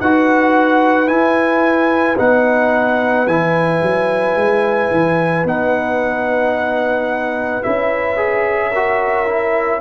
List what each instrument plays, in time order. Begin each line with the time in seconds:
0.00 tuba D#4, trombone F#4, horn B4, trumpet F#5
1.07 trombone E4, tuba E4, trumpet G#5
2.18 tuba B3, trombone D#4, trumpet F#5
3.27 tuba E3, trombone E4, trumpet G#5
3.82 tuba F#3
4.36 tuba G#3
4.91 tuba E3
5.45 tuba B3, trombone D#4, trumpet F#5
7.63 tuba C#4, trombone E4, trumpet E5
8.17 trombone G#4
8.71 trombone F#4, horn A#4
9.26 trombone E4